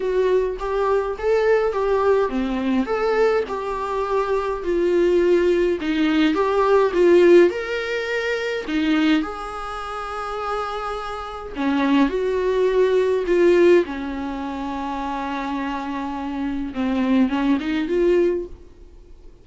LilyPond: \new Staff \with { instrumentName = "viola" } { \time 4/4 \tempo 4 = 104 fis'4 g'4 a'4 g'4 | c'4 a'4 g'2 | f'2 dis'4 g'4 | f'4 ais'2 dis'4 |
gis'1 | cis'4 fis'2 f'4 | cis'1~ | cis'4 c'4 cis'8 dis'8 f'4 | }